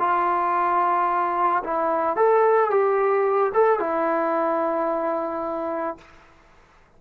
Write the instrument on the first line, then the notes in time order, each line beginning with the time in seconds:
trombone
0.00 F4
1.64 E4
2.16 A4
2.71 G4
3.54 A4
3.80 E4